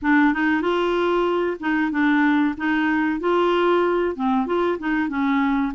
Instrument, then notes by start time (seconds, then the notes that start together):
clarinet
0.01 D4
0.33 D#4
0.61 F4
1.60 D#4
1.91 D4
2.57 D#4
3.20 F4
4.15 C4
4.46 F4
4.78 D#4
5.08 C#4